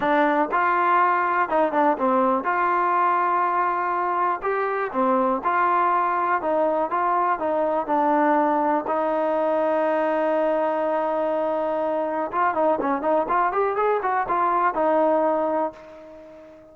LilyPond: \new Staff \with { instrumentName = "trombone" } { \time 4/4 \tempo 4 = 122 d'4 f'2 dis'8 d'8 | c'4 f'2.~ | f'4 g'4 c'4 f'4~ | f'4 dis'4 f'4 dis'4 |
d'2 dis'2~ | dis'1~ | dis'4 f'8 dis'8 cis'8 dis'8 f'8 g'8 | gis'8 fis'8 f'4 dis'2 | }